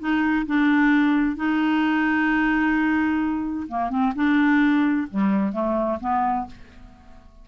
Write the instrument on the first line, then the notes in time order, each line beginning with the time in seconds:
clarinet
0.00 D#4
0.47 D4
1.36 D#4
3.68 A#3
3.90 C4
4.16 D4
5.11 G3
5.53 A3
6.01 B3